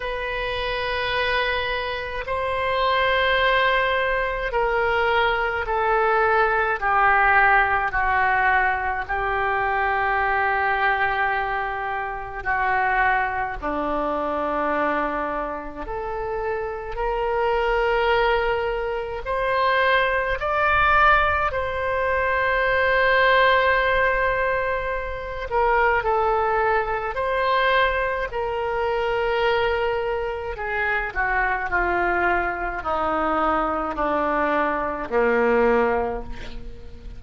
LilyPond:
\new Staff \with { instrumentName = "oboe" } { \time 4/4 \tempo 4 = 53 b'2 c''2 | ais'4 a'4 g'4 fis'4 | g'2. fis'4 | d'2 a'4 ais'4~ |
ais'4 c''4 d''4 c''4~ | c''2~ c''8 ais'8 a'4 | c''4 ais'2 gis'8 fis'8 | f'4 dis'4 d'4 ais4 | }